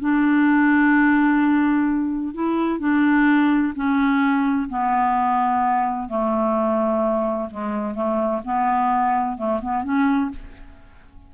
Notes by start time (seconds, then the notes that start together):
0.00 D4
2.35 E4
2.80 D4
3.75 C#4
4.70 B3
6.09 A3
7.51 G#3
7.95 A3
8.45 B3
9.38 A3
9.62 B3
9.84 C#4